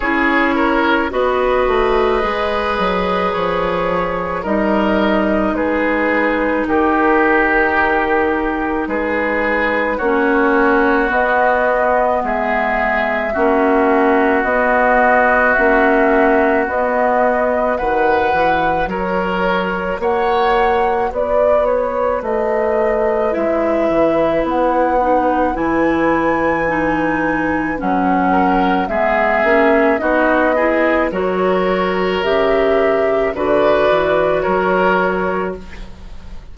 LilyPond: <<
  \new Staff \with { instrumentName = "flute" } { \time 4/4 \tempo 4 = 54 cis''4 dis''2 cis''4 | dis''4 b'4 ais'2 | b'4 cis''4 dis''4 e''4~ | e''4 dis''4 e''4 dis''4 |
fis''4 cis''4 fis''4 d''8 cis''8 | dis''4 e''4 fis''4 gis''4~ | gis''4 fis''4 e''4 dis''4 | cis''4 e''4 d''4 cis''4 | }
  \new Staff \with { instrumentName = "oboe" } { \time 4/4 gis'8 ais'8 b'2. | ais'4 gis'4 g'2 | gis'4 fis'2 gis'4 | fis'1 |
b'4 ais'4 cis''4 b'4~ | b'1~ | b'4. ais'8 gis'4 fis'8 gis'8 | ais'2 b'4 ais'4 | }
  \new Staff \with { instrumentName = "clarinet" } { \time 4/4 e'4 fis'4 gis'2 | dis'1~ | dis'4 cis'4 b2 | cis'4 b4 cis'4 b4 |
fis'1~ | fis'4 e'4. dis'8 e'4 | dis'4 cis'4 b8 cis'8 dis'8 e'8 | fis'4 g'4 fis'2 | }
  \new Staff \with { instrumentName = "bassoon" } { \time 4/4 cis'4 b8 a8 gis8 fis8 f4 | g4 gis4 dis2 | gis4 ais4 b4 gis4 | ais4 b4 ais4 b4 |
dis8 e8 fis4 ais4 b4 | a4 gis8 e8 b4 e4~ | e4 fis4 gis8 ais8 b4 | fis4 cis4 d8 e8 fis4 | }
>>